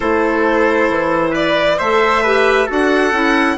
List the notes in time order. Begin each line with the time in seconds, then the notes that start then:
0.00 A3 E4 A4 C5
0.89 E3
1.30 B4 D5
1.77 A3 A4 C5 E5
2.22 G4 B4
2.66 D4 F#4 A4
2.73 F#5
3.12 C#4 E4